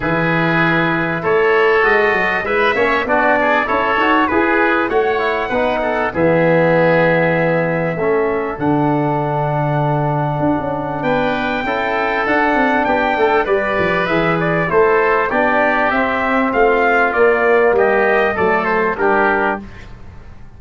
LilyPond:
<<
  \new Staff \with { instrumentName = "trumpet" } { \time 4/4 \tempo 4 = 98 b'2 cis''4 dis''4 | e''4 d''4 cis''4 b'4 | fis''2 e''2~ | e''2 fis''2~ |
fis''2 g''2 | fis''4 g''4 d''4 e''8 d''8 | c''4 d''4 e''4 f''4 | d''4 dis''4 d''8 c''8 ais'4 | }
  \new Staff \with { instrumentName = "oboe" } { \time 4/4 gis'2 a'2 | b'8 cis''8 fis'8 gis'8 a'4 gis'4 | cis''4 b'8 a'8 gis'2~ | gis'4 a'2.~ |
a'2 b'4 a'4~ | a'4 g'8 a'8 b'2 | a'4 g'2 f'4~ | f'4 g'4 a'4 g'4 | }
  \new Staff \with { instrumentName = "trombone" } { \time 4/4 e'2. fis'4 | e'8 cis'8 d'4 e'8 fis'8 gis'4 | fis'8 e'8 dis'4 b2~ | b4 cis'4 d'2~ |
d'2. e'4 | d'2 g'4 gis'4 | e'4 d'4 c'2 | ais2 a4 d'4 | }
  \new Staff \with { instrumentName = "tuba" } { \time 4/4 e2 a4 gis8 fis8 | gis8 ais8 b4 cis'8 dis'8 e'4 | a4 b4 e2~ | e4 a4 d2~ |
d4 d'16 cis'8. b4 cis'4 | d'8 c'8 b8 a8 g8 f8 e4 | a4 b4 c'4 a4 | ais4 g4 fis4 g4 | }
>>